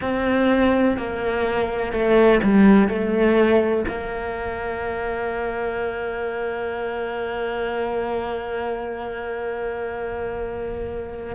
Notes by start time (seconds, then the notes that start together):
0.01 C4
0.97 A#3
1.92 A3
2.43 G3
2.88 A3
3.88 A#3